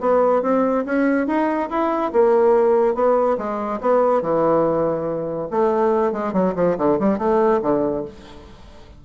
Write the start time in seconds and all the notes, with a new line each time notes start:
0.00 B3
0.42 C4
0.85 C#4
1.27 D#4
1.69 E4
2.12 A#3
2.94 B3
3.37 G#3
3.80 B3
4.22 E3
5.50 A3
6.12 G#3
6.33 F#3
6.55 F3
6.78 D3
6.99 G3
7.18 A3
7.62 D3